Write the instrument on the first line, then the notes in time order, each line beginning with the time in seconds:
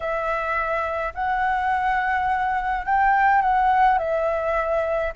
flute
0.00 E5
1.14 F#5
2.85 G5
3.41 F#5
3.98 E5